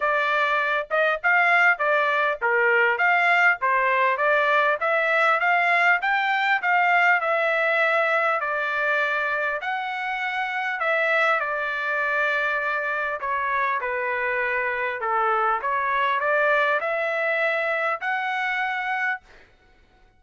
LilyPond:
\new Staff \with { instrumentName = "trumpet" } { \time 4/4 \tempo 4 = 100 d''4. dis''8 f''4 d''4 | ais'4 f''4 c''4 d''4 | e''4 f''4 g''4 f''4 | e''2 d''2 |
fis''2 e''4 d''4~ | d''2 cis''4 b'4~ | b'4 a'4 cis''4 d''4 | e''2 fis''2 | }